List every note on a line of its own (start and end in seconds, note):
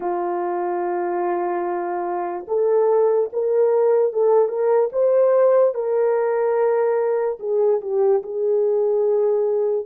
0.00 2.45 F4
2.47 3.30 A4
3.33 4.12 A#4
4.12 4.48 A4
4.48 4.89 A#4
4.92 5.74 C5
5.74 7.38 A#4
7.39 7.80 G#4
7.81 8.22 G4
8.22 9.86 G#4